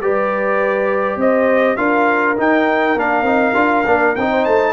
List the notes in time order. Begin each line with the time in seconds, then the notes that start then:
0.00 G3 G4 B4 D5
1.17 C4 C5 D#5
1.77 D4 F4 A#4 F5
2.37 D#4 G5
2.96 A#3 D4 F5
3.23 C4 D#4
3.55 D4 F4
3.86 A#3 D4
4.16 C4 D#4 G5
4.31 C5
4.45 A3 A5